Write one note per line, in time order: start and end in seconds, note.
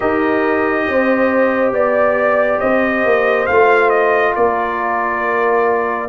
0.00 0.87 D#4
0.00 3.47 G4
0.00 0.85 A#4
0.00 1.73 D#5
0.87 1.71 C4
0.87 1.74 C5
1.71 2.58 B3
1.71 2.59 D5
2.59 3.05 C4
2.59 4.32 C5
2.59 3.46 D#5
3.05 3.48 A#3
3.46 4.35 A3
3.46 6.08 F4
3.46 3.89 F5
3.89 4.33 D#5
4.35 6.08 A#3
4.35 6.08 A#4
4.35 6.08 D5